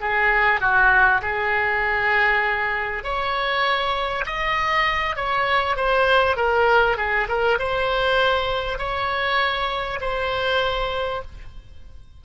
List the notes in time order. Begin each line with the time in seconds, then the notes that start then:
0.00 G#4
0.60 F#4
1.21 G#4
3.03 C#5
4.26 D#5
5.16 C#5
5.76 C5
6.36 A#4
6.97 G#4
7.28 A#4
7.58 C5
8.78 C#5
10.00 C5